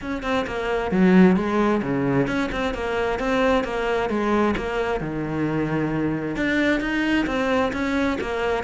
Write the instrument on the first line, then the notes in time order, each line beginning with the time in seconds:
cello
0.01 C#4
0.23 C4
0.46 A#3
0.91 F#3
1.36 G#3
1.82 C#3
2.27 C#4
2.51 C4
2.74 A#3
3.19 C4
3.64 A#3
4.09 G#3
4.56 A#3
5.00 D#3
6.36 D4
6.80 D#4
7.26 C4
7.73 C#4
8.20 A#3